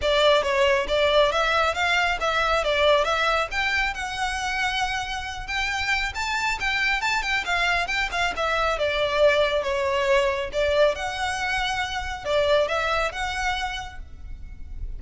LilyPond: \new Staff \with { instrumentName = "violin" } { \time 4/4 \tempo 4 = 137 d''4 cis''4 d''4 e''4 | f''4 e''4 d''4 e''4 | g''4 fis''2.~ | fis''8 g''4. a''4 g''4 |
a''8 g''8 f''4 g''8 f''8 e''4 | d''2 cis''2 | d''4 fis''2. | d''4 e''4 fis''2 | }